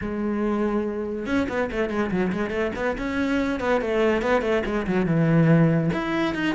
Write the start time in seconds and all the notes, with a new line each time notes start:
0.01 G#3
1.26 C#4
1.48 B3
1.71 A3
1.89 G#3
2.11 F#3
2.32 G#3
2.50 A3
2.75 B3
2.98 C#4
3.60 B3
3.81 A3
4.22 B3
4.41 A3
4.65 G#3
4.86 F#3
5.06 E3
5.93 E4
6.34 D#4